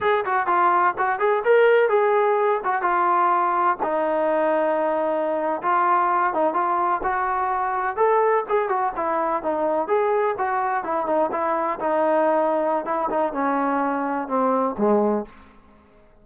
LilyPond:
\new Staff \with { instrumentName = "trombone" } { \time 4/4 \tempo 4 = 126 gis'8 fis'8 f'4 fis'8 gis'8 ais'4 | gis'4. fis'8 f'2 | dis'2.~ dis'8. f'16~ | f'4~ f'16 dis'8 f'4 fis'4~ fis'16~ |
fis'8. a'4 gis'8 fis'8 e'4 dis'16~ | dis'8. gis'4 fis'4 e'8 dis'8 e'16~ | e'8. dis'2~ dis'16 e'8 dis'8 | cis'2 c'4 gis4 | }